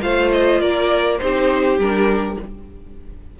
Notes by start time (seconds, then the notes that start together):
0.00 A3 F4 C5 F5
0.32 D#5
0.61 A#3 A#4 D5
1.18 C4 D#4 G4 C5
1.78 G3 D4 A#4